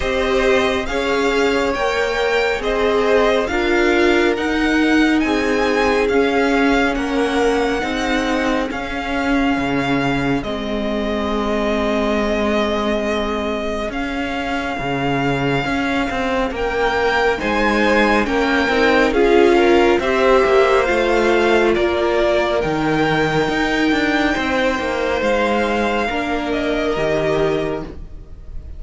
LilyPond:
<<
  \new Staff \with { instrumentName = "violin" } { \time 4/4 \tempo 4 = 69 dis''4 f''4 g''4 dis''4 | f''4 fis''4 gis''4 f''4 | fis''2 f''2 | dis''1 |
f''2. g''4 | gis''4 g''4 f''4 e''4 | f''4 d''4 g''2~ | g''4 f''4. dis''4. | }
  \new Staff \with { instrumentName = "violin" } { \time 4/4 c''4 cis''2 c''4 | ais'2 gis'2 | ais'4 gis'2.~ | gis'1~ |
gis'2. ais'4 | c''4 ais'4 gis'8 ais'8 c''4~ | c''4 ais'2. | c''2 ais'2 | }
  \new Staff \with { instrumentName = "viola" } { \time 4/4 g'4 gis'4 ais'4 gis'4 | f'4 dis'2 cis'4~ | cis'4 dis'4 cis'2 | c'1 |
cis'1 | dis'4 cis'8 dis'8 f'4 g'4 | f'2 dis'2~ | dis'2 d'4 g'4 | }
  \new Staff \with { instrumentName = "cello" } { \time 4/4 c'4 cis'4 ais4 c'4 | d'4 dis'4 c'4 cis'4 | ais4 c'4 cis'4 cis4 | gis1 |
cis'4 cis4 cis'8 c'8 ais4 | gis4 ais8 c'8 cis'4 c'8 ais8 | a4 ais4 dis4 dis'8 d'8 | c'8 ais8 gis4 ais4 dis4 | }
>>